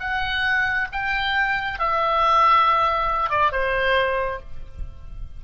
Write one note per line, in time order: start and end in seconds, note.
0.00 0.88 F#5
0.93 1.79 G5
1.79 3.30 E5
3.30 3.52 D5
3.52 4.40 C5